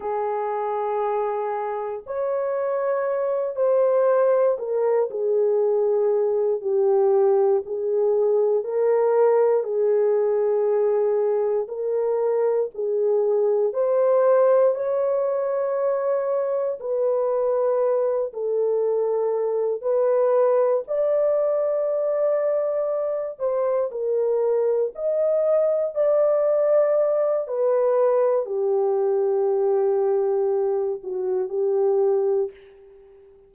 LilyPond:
\new Staff \with { instrumentName = "horn" } { \time 4/4 \tempo 4 = 59 gis'2 cis''4. c''8~ | c''8 ais'8 gis'4. g'4 gis'8~ | gis'8 ais'4 gis'2 ais'8~ | ais'8 gis'4 c''4 cis''4.~ |
cis''8 b'4. a'4. b'8~ | b'8 d''2~ d''8 c''8 ais'8~ | ais'8 dis''4 d''4. b'4 | g'2~ g'8 fis'8 g'4 | }